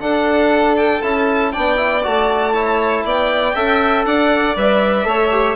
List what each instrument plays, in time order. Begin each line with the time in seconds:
0.00 trombone D4, bassoon D4, violin A4 F#5
0.76 violin G5
1.02 bassoon C#4, trombone E4, violin A5
1.52 bassoon B3, trombone D4, violin D5 G5
1.76 trombone E4
2.03 bassoon A3, trombone F#4, violin A5
2.53 trombone E4, violin C#5
3.04 bassoon B3, violin D5 G5
3.54 bassoon C#4, trombone A4, violin E5
4.05 bassoon D4, violin D5 F#5
4.56 bassoon G3, trombone B4, violin E5
5.04 bassoon A3, trombone A4, violin C#5
5.32 trombone G4